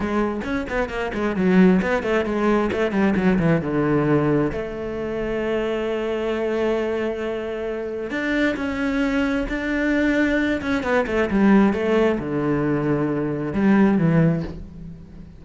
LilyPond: \new Staff \with { instrumentName = "cello" } { \time 4/4 \tempo 4 = 133 gis4 cis'8 b8 ais8 gis8 fis4 | b8 a8 gis4 a8 g8 fis8 e8 | d2 a2~ | a1~ |
a2 d'4 cis'4~ | cis'4 d'2~ d'8 cis'8 | b8 a8 g4 a4 d4~ | d2 g4 e4 | }